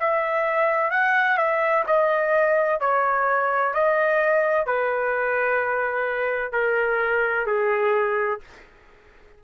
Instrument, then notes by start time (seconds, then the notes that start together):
trumpet
0.00 E5
0.90 F#5
1.37 E5
1.86 D#5
2.80 C#5
3.74 D#5
4.66 B4
6.52 A#4
7.46 G#4